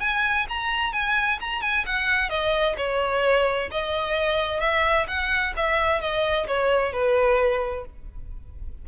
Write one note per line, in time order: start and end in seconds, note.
0.00 0.46 G#5
0.49 0.93 A#5
0.93 1.39 G#5
1.40 1.62 A#5
1.62 1.85 G#5
1.86 2.29 F#5
2.29 2.75 D#5
2.77 3.69 C#5
3.71 4.60 D#5
4.60 5.06 E5
5.07 5.54 F#5
5.56 6.01 E5
6.01 6.47 D#5
6.47 6.93 C#5
6.93 7.85 B4